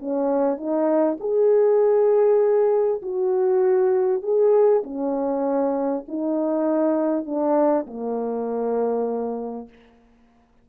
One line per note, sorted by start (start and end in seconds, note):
0.00 0.58 C#4
0.58 1.18 D#4
1.20 3.02 G#4
3.02 4.23 F#4
4.23 4.83 G#4
4.84 6.05 C#4
6.09 7.26 D#4
7.26 7.87 D4
7.88 9.69 A#3